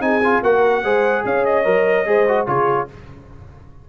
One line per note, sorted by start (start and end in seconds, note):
0.00 0.41 C4
0.00 0.20 D#4
0.00 0.43 G#4
0.00 0.42 G#5
0.24 0.43 F4
0.43 0.83 A#3
0.43 0.84 F#4
0.43 0.83 A#4
0.43 1.25 F#5
0.83 1.24 G#3
0.83 1.64 G#4
0.83 1.24 C5
1.24 1.65 C#4
1.24 2.08 C#5
1.24 1.45 F5
1.45 2.47 D#5
1.64 2.06 F#3
1.64 2.05 A#4
2.06 2.47 G#3
2.06 2.26 G#4
2.06 2.48 C5
2.28 2.46 F#4
2.46 2.88 C#3
2.46 2.87 F4
2.46 2.89 G#4
2.46 2.88 C#5